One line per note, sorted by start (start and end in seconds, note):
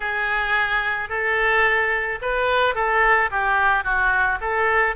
0.00 1.09 G#4
1.09 2.19 A4
2.21 2.74 B4
2.74 3.30 A4
3.30 3.84 G4
3.84 4.39 F#4
4.40 4.95 A4